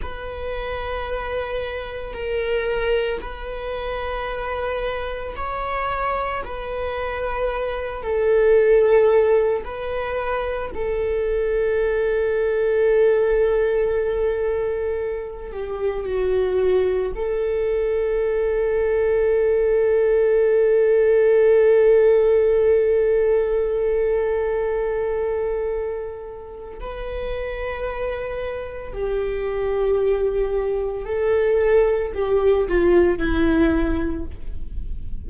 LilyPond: \new Staff \with { instrumentName = "viola" } { \time 4/4 \tempo 4 = 56 b'2 ais'4 b'4~ | b'4 cis''4 b'4. a'8~ | a'4 b'4 a'2~ | a'2~ a'8 g'8 fis'4 |
a'1~ | a'1~ | a'4 b'2 g'4~ | g'4 a'4 g'8 f'8 e'4 | }